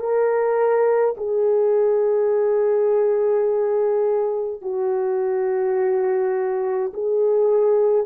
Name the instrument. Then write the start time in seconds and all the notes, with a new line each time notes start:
horn
0.00 A#4
1.17 G#4
4.62 F#4
6.94 G#4